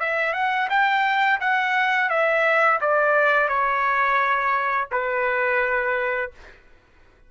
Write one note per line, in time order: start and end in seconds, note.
0.00 0.33 E5
0.33 0.68 F#5
0.69 1.39 G5
1.40 2.10 F#5
2.10 2.79 E5
2.81 3.48 D5
3.48 4.88 C#5
4.92 6.31 B4